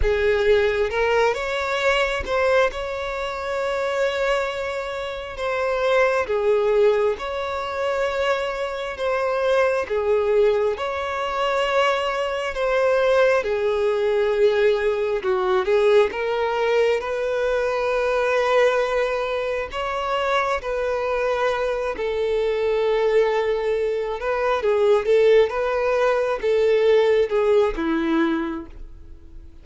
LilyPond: \new Staff \with { instrumentName = "violin" } { \time 4/4 \tempo 4 = 67 gis'4 ais'8 cis''4 c''8 cis''4~ | cis''2 c''4 gis'4 | cis''2 c''4 gis'4 | cis''2 c''4 gis'4~ |
gis'4 fis'8 gis'8 ais'4 b'4~ | b'2 cis''4 b'4~ | b'8 a'2~ a'8 b'8 gis'8 | a'8 b'4 a'4 gis'8 e'4 | }